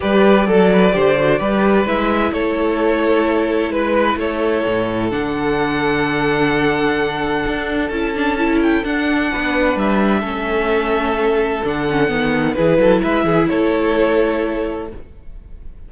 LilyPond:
<<
  \new Staff \with { instrumentName = "violin" } { \time 4/4 \tempo 4 = 129 d''1 | e''4 cis''2. | b'4 cis''2 fis''4~ | fis''1~ |
fis''4 a''4. g''8 fis''4~ | fis''4 e''2.~ | e''4 fis''2 b'4 | e''4 cis''2. | }
  \new Staff \with { instrumentName = "violin" } { \time 4/4 b'4 a'8 b'8 c''4 b'4~ | b'4 a'2. | b'4 a'2.~ | a'1~ |
a'1 | b'2 a'2~ | a'2. gis'8 a'8 | b'8 gis'8 a'2. | }
  \new Staff \with { instrumentName = "viola" } { \time 4/4 g'4 a'4 g'8 fis'8 g'4 | e'1~ | e'2. d'4~ | d'1~ |
d'4 e'8 d'8 e'4 d'4~ | d'2 cis'2~ | cis'4 d'8 cis'8 b4 e'4~ | e'1 | }
  \new Staff \with { instrumentName = "cello" } { \time 4/4 g4 fis4 d4 g4 | gis4 a2. | gis4 a4 a,4 d4~ | d1 |
d'4 cis'2 d'4 | b4 g4 a2~ | a4 d4 dis4 e8 fis8 | gis8 e8 a2. | }
>>